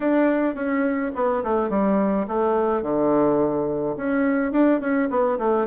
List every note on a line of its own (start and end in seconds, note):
0.00 0.55 D4
0.55 1.11 C#4
1.15 1.43 B3
1.43 1.69 A3
1.69 2.26 G3
2.27 2.82 A3
2.82 3.95 D3
3.96 4.52 C#4
4.52 4.80 D4
4.80 5.08 C#4
5.09 5.38 B3
5.38 5.66 A3